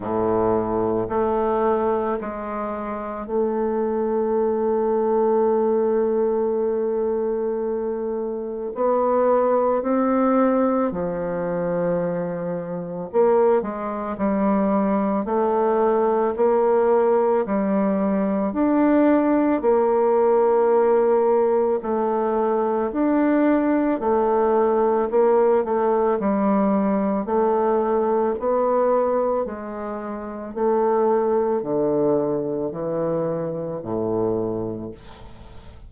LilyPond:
\new Staff \with { instrumentName = "bassoon" } { \time 4/4 \tempo 4 = 55 a,4 a4 gis4 a4~ | a1 | b4 c'4 f2 | ais8 gis8 g4 a4 ais4 |
g4 d'4 ais2 | a4 d'4 a4 ais8 a8 | g4 a4 b4 gis4 | a4 d4 e4 a,4 | }